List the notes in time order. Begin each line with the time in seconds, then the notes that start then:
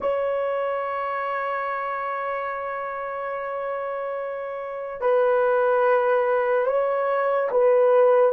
0.00 C#5
5.00 B4
6.66 C#5
7.51 B4